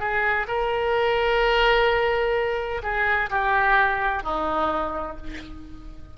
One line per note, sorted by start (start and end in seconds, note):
0.00 0.47 G#4
0.48 2.83 A#4
2.83 3.30 G#4
3.31 4.24 G4
4.24 5.17 D#4